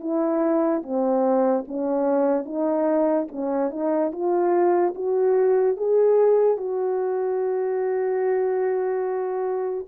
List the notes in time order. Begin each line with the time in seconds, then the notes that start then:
0.00 E4
0.83 C4
1.67 C#4
2.45 D#4
3.31 C#4
3.70 D#4
4.11 F4
4.94 F#4
5.76 G#4
6.57 F#4